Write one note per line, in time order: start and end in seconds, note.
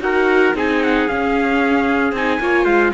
0.00 0.53 D#4
0.00 0.54 F#4
0.00 0.56 A#4
0.00 0.55 F#5
0.53 1.06 C4
0.53 1.08 D#4
0.53 2.41 G#4
0.53 0.83 G#5
0.83 1.08 F#5
1.08 2.14 C#4
1.08 2.12 C#4
1.08 2.14 F5
2.12 2.38 C4
2.12 2.40 D#4
2.12 2.65 G#5
2.40 2.65 A#3
2.40 2.93 F4
2.40 2.64 C#5
2.64 2.92 G#3
2.64 2.91 C5
2.64 2.91 F5